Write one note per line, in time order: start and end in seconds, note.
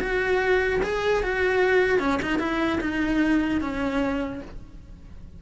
0.00 0.81 F#4
0.83 1.23 G#4
1.23 2.00 F#4
2.00 2.20 C#4
2.22 2.39 D#4
2.39 2.79 E4
2.81 3.61 D#4
3.61 4.42 C#4